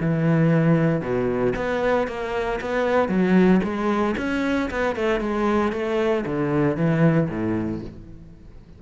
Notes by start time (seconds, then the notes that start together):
0.00 E3
1.01 B2
1.56 B3
2.07 A#3
2.61 B3
3.08 F#3
3.63 G#3
4.17 C#4
4.70 B3
4.95 A3
5.20 G#3
5.72 A3
6.26 D3
6.76 E3
7.29 A2